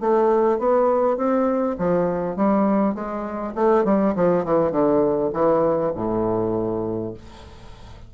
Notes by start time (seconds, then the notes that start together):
0.00 A3
0.59 B3
1.17 C4
1.78 F3
2.36 G3
2.94 G#3
3.55 A3
3.85 G3
4.15 F3
4.45 E3
4.71 D3
5.33 E3
5.95 A2